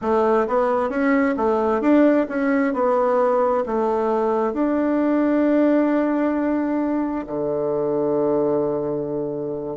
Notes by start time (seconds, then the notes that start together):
0.01 A3
0.47 B3
0.89 C#4
1.36 A3
1.81 D4
2.28 C#4
2.73 B3
3.66 A3
4.52 D4
7.26 D3